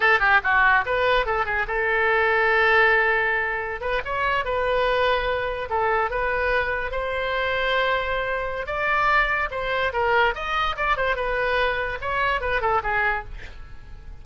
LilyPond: \new Staff \with { instrumentName = "oboe" } { \time 4/4 \tempo 4 = 145 a'8 g'8 fis'4 b'4 a'8 gis'8 | a'1~ | a'4~ a'16 b'8 cis''4 b'4~ b'16~ | b'4.~ b'16 a'4 b'4~ b'16~ |
b'8. c''2.~ c''16~ | c''4 d''2 c''4 | ais'4 dis''4 d''8 c''8 b'4~ | b'4 cis''4 b'8 a'8 gis'4 | }